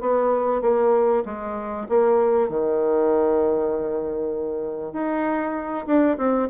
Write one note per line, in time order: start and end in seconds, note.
0.00 0.61 B3
0.61 1.23 A#3
1.25 1.87 G#3
1.88 2.49 A#3
2.49 4.92 D#3
4.92 5.85 D#4
5.86 6.17 D4
6.17 6.48 C4